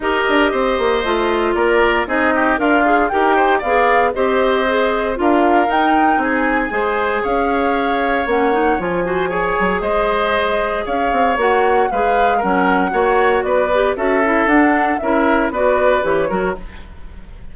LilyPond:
<<
  \new Staff \with { instrumentName = "flute" } { \time 4/4 \tempo 4 = 116 dis''2. d''4 | dis''4 f''4 g''4 f''4 | dis''2 f''4 g''4 | gis''2 f''2 |
fis''4 gis''2 dis''4~ | dis''4 f''4 fis''4 f''4 | fis''2 d''4 e''4 | fis''4 e''4 d''4 cis''4 | }
  \new Staff \with { instrumentName = "oboe" } { \time 4/4 ais'4 c''2 ais'4 | gis'8 g'8 f'4 ais'8 c''8 d''4 | c''2 ais'2 | gis'4 c''4 cis''2~ |
cis''4. c''8 cis''4 c''4~ | c''4 cis''2 b'4 | ais'4 cis''4 b'4 a'4~ | a'4 ais'4 b'4. ais'8 | }
  \new Staff \with { instrumentName = "clarinet" } { \time 4/4 g'2 f'2 | dis'4 ais'8 gis'8 g'4 gis'4 | g'4 gis'4 f'4 dis'4~ | dis'4 gis'2. |
cis'8 dis'8 f'8 fis'8 gis'2~ | gis'2 fis'4 gis'4 | cis'4 fis'4. g'8 fis'8 e'8 | d'4 e'4 fis'4 g'8 fis'8 | }
  \new Staff \with { instrumentName = "bassoon" } { \time 4/4 dis'8 d'8 c'8 ais8 a4 ais4 | c'4 d'4 dis'4 b4 | c'2 d'4 dis'4 | c'4 gis4 cis'2 |
ais4 f4. fis8 gis4~ | gis4 cis'8 c'8 ais4 gis4 | fis4 ais4 b4 cis'4 | d'4 cis'4 b4 e8 fis8 | }
>>